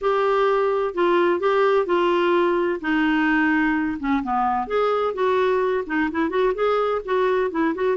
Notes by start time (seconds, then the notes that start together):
0.01 G4
0.94 F4
1.39 G4
1.86 F4
2.81 D#4
3.99 C#4
4.23 B3
4.67 G#4
5.14 F#4
5.86 D#4
6.11 E4
6.29 F#4
6.54 G#4
7.04 F#4
7.50 E4
7.74 F#4